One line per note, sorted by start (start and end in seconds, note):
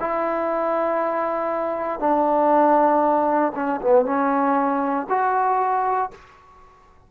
0.00 2.00 E4
2.00 3.52 D4
3.55 3.80 C#4
3.81 4.05 B3
4.05 5.07 C#4
5.09 6.11 F#4